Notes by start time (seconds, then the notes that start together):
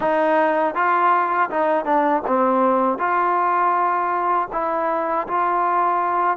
0.00 D#4
0.74 F4
1.50 D#4
1.85 D4
2.26 C4
2.98 F4
4.52 E4
5.27 F4